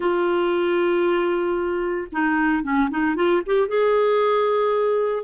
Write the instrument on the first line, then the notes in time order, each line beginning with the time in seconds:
clarinet
0.00 F4
2.12 D#4
2.63 C#4
2.89 D#4
3.15 F4
3.46 G4
3.68 G#4